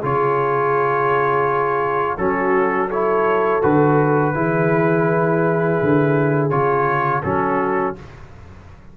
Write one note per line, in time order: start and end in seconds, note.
0.00 2.18 C#3
0.00 2.18 F4
0.00 2.17 G#4
0.00 2.17 C#5
2.17 3.62 F#3
2.17 2.90 C#4
2.17 2.87 F#4
2.17 2.90 A4
2.87 3.62 E4
2.87 4.32 A4
2.87 3.62 C#5
3.62 4.35 D3
3.62 4.34 F#4
3.62 6.50 B4
4.34 5.80 E3
4.34 6.50 E4
4.34 7.23 G#4
5.82 6.51 D3
6.50 7.23 C#3
6.50 7.22 F4
6.50 7.22 C#5
7.23 7.96 F#3
7.23 7.96 C#4
7.23 7.97 F#4
7.23 7.95 A4